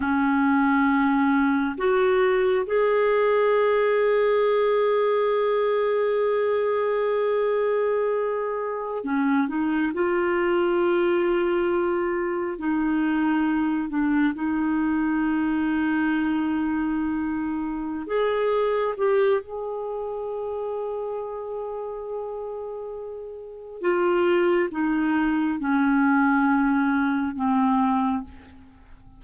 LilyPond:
\new Staff \with { instrumentName = "clarinet" } { \time 4/4 \tempo 4 = 68 cis'2 fis'4 gis'4~ | gis'1~ | gis'2~ gis'16 cis'8 dis'8 f'8.~ | f'2~ f'16 dis'4. d'16~ |
d'16 dis'2.~ dis'8.~ | dis'8 gis'4 g'8 gis'2~ | gis'2. f'4 | dis'4 cis'2 c'4 | }